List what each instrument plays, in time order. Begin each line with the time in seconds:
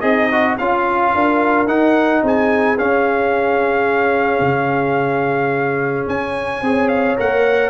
0.00 tuba C4, horn D#4, trombone G#4, trumpet D#5
0.31 trombone F#4
0.57 tuba C#4, horn F4, trombone F4, trumpet F5
1.14 tuba D4, horn A#4
1.66 tuba D#4, trombone D#4, trumpet F#5
2.22 tuba C4, horn G#4, trumpet G#5
2.78 trombone C#4, tuba C#4, trumpet F5
4.40 tuba C#3
6.07 tuba C#4, trumpet G#5
6.61 tuba C4, trombone G#4, horn C#5
6.88 trumpet F5
7.17 tuba A#3, trombone A#4, trumpet F#5